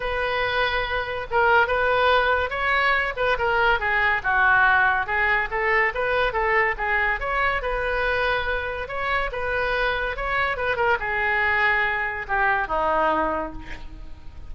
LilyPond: \new Staff \with { instrumentName = "oboe" } { \time 4/4 \tempo 4 = 142 b'2. ais'4 | b'2 cis''4. b'8 | ais'4 gis'4 fis'2 | gis'4 a'4 b'4 a'4 |
gis'4 cis''4 b'2~ | b'4 cis''4 b'2 | cis''4 b'8 ais'8 gis'2~ | gis'4 g'4 dis'2 | }